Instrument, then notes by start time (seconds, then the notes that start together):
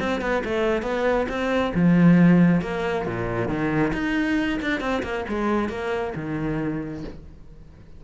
cello
0.00 C4
0.21 B3
0.45 A3
0.82 B3
1.29 C4
1.75 F3
2.62 A#3
3.06 A#2
3.48 D#3
3.93 D#4
4.62 D4
4.81 C4
5.03 A#3
5.29 G#3
5.69 A#3
6.16 D#3